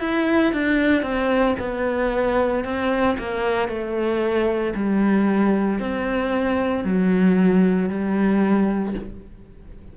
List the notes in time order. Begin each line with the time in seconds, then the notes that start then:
0.00 E4
0.53 D4
1.02 C4
1.59 B3
2.64 C4
3.18 A#3
3.68 A3
4.75 G3
5.79 C4
6.84 F#3
7.89 G3